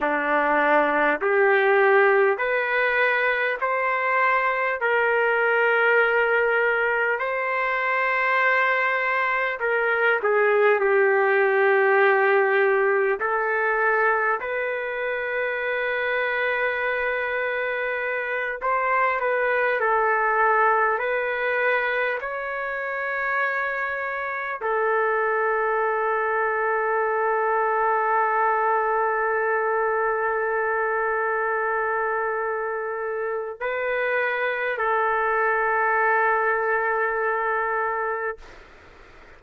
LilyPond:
\new Staff \with { instrumentName = "trumpet" } { \time 4/4 \tempo 4 = 50 d'4 g'4 b'4 c''4 | ais'2 c''2 | ais'8 gis'8 g'2 a'4 | b'2.~ b'8 c''8 |
b'8 a'4 b'4 cis''4.~ | cis''8 a'2.~ a'8~ | a'1 | b'4 a'2. | }